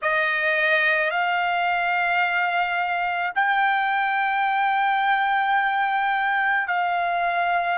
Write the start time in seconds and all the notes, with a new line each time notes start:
0.02 D#5
1.10 F5
3.35 G5
6.67 F5